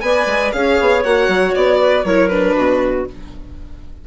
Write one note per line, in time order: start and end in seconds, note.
0.00 0.26 B3
0.00 0.53 B4
0.00 0.55 D5
0.00 0.51 G#5
0.26 0.51 G#3
0.52 0.79 C#4
0.52 1.03 G#4
0.52 1.80 C#5
0.52 1.03 F5
0.80 1.04 B3
1.03 1.28 A#3
1.03 2.05 F#4
1.03 1.54 F#5
1.28 1.53 F#3
1.55 2.04 B3
1.55 2.05 D5
1.80 2.05 B4
2.04 2.54 F#3
2.04 2.30 E4
2.04 2.56 A#4
2.04 2.29 C#5
2.29 3.07 D4
2.29 3.05 B4
2.56 3.06 B2
2.56 3.07 F#4